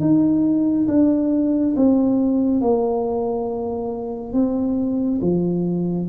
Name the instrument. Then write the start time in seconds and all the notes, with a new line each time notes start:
tuba
0.00 D#4
0.88 D4
1.76 C4
2.61 A#3
4.33 C4
5.21 F3